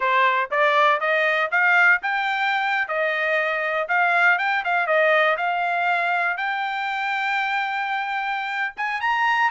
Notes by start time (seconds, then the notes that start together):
0.00 C5
0.50 D5
1.00 D#5
1.51 F5
2.02 G5
2.88 D#5
3.88 F5
4.38 G5
4.64 F5
4.86 D#5
5.37 F5
6.37 G5
8.76 G#5
9.00 A#5